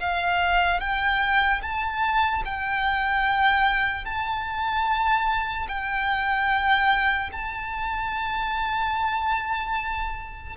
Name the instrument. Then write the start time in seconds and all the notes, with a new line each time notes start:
violin
0.00 F5
0.80 G5
1.62 A5
2.45 G5
4.05 A5
5.68 G5
7.32 A5